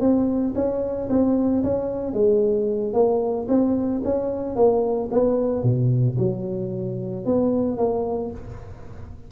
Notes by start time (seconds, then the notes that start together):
0.00 C4
0.55 C#4
1.09 C4
1.63 C#4
2.13 G#3
2.93 A#3
3.48 C4
4.04 C#4
4.55 A#3
5.11 B3
5.63 B2
6.18 F#3
7.25 B3
7.77 A#3